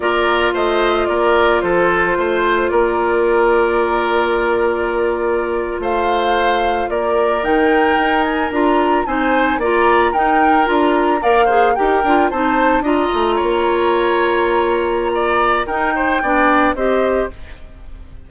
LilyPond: <<
  \new Staff \with { instrumentName = "flute" } { \time 4/4 \tempo 4 = 111 d''4 dis''4 d''4 c''4~ | c''4 d''2.~ | d''2~ d''8. f''4~ f''16~ | f''8. d''4 g''4. gis''8 ais''16~ |
ais''8. gis''4 ais''4 g''4 ais''16~ | ais''8. f''4 g''4 a''4 ais''16~ | ais''1~ | ais''4 g''2 dis''4 | }
  \new Staff \with { instrumentName = "oboe" } { \time 4/4 ais'4 c''4 ais'4 a'4 | c''4 ais'2.~ | ais'2~ ais'8. c''4~ c''16~ | c''8. ais'2.~ ais'16~ |
ais'8. c''4 d''4 ais'4~ ais'16~ | ais'8. d''8 c''8 ais'4 c''4 dis''16~ | dis''8. cis''2.~ cis''16 | d''4 ais'8 c''8 d''4 c''4 | }
  \new Staff \with { instrumentName = "clarinet" } { \time 4/4 f'1~ | f'1~ | f'1~ | f'4.~ f'16 dis'2 f'16~ |
f'8. dis'4 f'4 dis'4 f'16~ | f'8. ais'8 gis'8 g'8 f'8 dis'4 f'16~ | f'1~ | f'4 dis'4 d'4 g'4 | }
  \new Staff \with { instrumentName = "bassoon" } { \time 4/4 ais4 a4 ais4 f4 | a4 ais2.~ | ais2~ ais8. a4~ a16~ | a8. ais4 dis4 dis'4 d'16~ |
d'8. c'4 ais4 dis'4 d'16~ | d'8. ais4 dis'8 d'8 c'4 d'16~ | d'16 a8 ais2.~ ais16~ | ais4 dis'4 b4 c'4 | }
>>